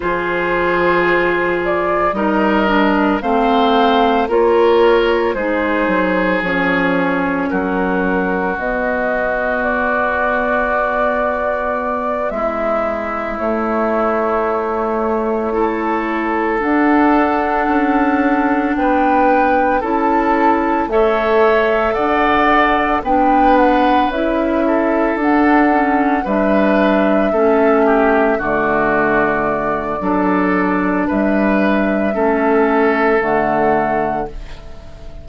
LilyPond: <<
  \new Staff \with { instrumentName = "flute" } { \time 4/4 \tempo 4 = 56 c''4. d''8 dis''4 f''4 | cis''4 c''4 cis''4 ais'4 | dis''4 d''2~ d''8 e''8~ | e''8 cis''2. fis''8~ |
fis''4. g''4 a''4 e''8~ | e''8 fis''4 g''8 fis''8 e''4 fis''8~ | fis''8 e''2 d''4.~ | d''4 e''2 fis''4 | }
  \new Staff \with { instrumentName = "oboe" } { \time 4/4 gis'2 ais'4 c''4 | ais'4 gis'2 fis'4~ | fis'2.~ fis'8 e'8~ | e'2~ e'8 a'4.~ |
a'4. b'4 a'4 cis''8~ | cis''8 d''4 b'4. a'4~ | a'8 b'4 a'8 g'8 fis'4. | a'4 b'4 a'2 | }
  \new Staff \with { instrumentName = "clarinet" } { \time 4/4 f'2 dis'8 d'8 c'4 | f'4 dis'4 cis'2 | b1~ | b8 a2 e'4 d'8~ |
d'2~ d'8 e'4 a'8~ | a'4. d'4 e'4 d'8 | cis'8 d'4 cis'4 a4. | d'2 cis'4 a4 | }
  \new Staff \with { instrumentName = "bassoon" } { \time 4/4 f2 g4 a4 | ais4 gis8 fis8 f4 fis4 | b2.~ b8 gis8~ | gis8 a2. d'8~ |
d'8 cis'4 b4 cis'4 a8~ | a8 d'4 b4 cis'4 d'8~ | d'8 g4 a4 d4. | fis4 g4 a4 d4 | }
>>